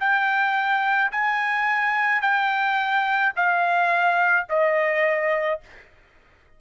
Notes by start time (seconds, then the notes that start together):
0.00 G5
1.12 G#5
2.22 G5
3.36 F5
4.49 D#5